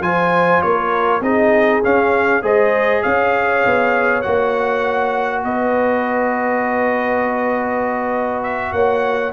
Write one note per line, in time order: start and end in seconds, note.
0.00 0.60 F3
0.00 1.22 F4
0.00 0.64 C5
0.00 0.62 G#5
0.62 1.20 A#3
0.62 1.23 A#4
0.62 1.22 C#5
1.20 1.80 C4
1.20 1.83 D#4
1.20 2.43 G#4
1.20 1.83 D#5
1.83 2.42 C#4
1.83 2.44 F5
2.42 3.02 G#3
2.42 4.22 G#4
2.42 3.03 C5
2.42 3.03 D#5
3.03 3.65 C#4
3.03 5.43 C#5
3.03 4.22 F5
3.65 4.25 B3
4.22 5.44 A#3
4.22 9.33 F#4
4.22 5.42 F#5
5.44 8.73 B3
5.44 8.73 B4
5.44 8.43 D#5
8.43 8.73 E5
8.73 9.33 A#3
8.73 9.33 C#5
8.73 9.33 F#5